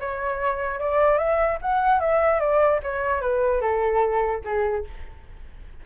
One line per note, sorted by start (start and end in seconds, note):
0.00 0.80 C#5
0.80 1.18 D5
1.18 1.58 E5
1.61 2.00 F#5
2.00 2.40 E5
2.40 2.80 D5
2.83 3.21 C#5
3.21 3.61 B4
3.61 4.41 A4
4.44 4.85 G#4